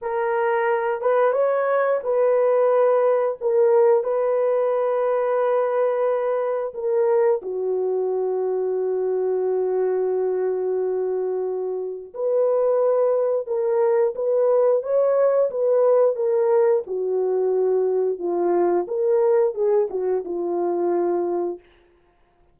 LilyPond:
\new Staff \with { instrumentName = "horn" } { \time 4/4 \tempo 4 = 89 ais'4. b'8 cis''4 b'4~ | b'4 ais'4 b'2~ | b'2 ais'4 fis'4~ | fis'1~ |
fis'2 b'2 | ais'4 b'4 cis''4 b'4 | ais'4 fis'2 f'4 | ais'4 gis'8 fis'8 f'2 | }